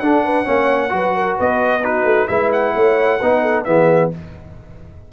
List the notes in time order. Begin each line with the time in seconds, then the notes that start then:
0.00 D4 A4 F#5
0.25 B4
0.45 A#3 C#4 C#5
0.90 F#3 F#4 B4
1.16 A#4
1.37 B3 B4 D#5
1.84 D#4 F#4 B4
2.04 A3
2.28 G#3 E4 B4 E5
2.53 F#5
2.75 A3 C#5
3.21 B3 D#4 B4
3.42 A4
3.64 E3 B3 G#4 E5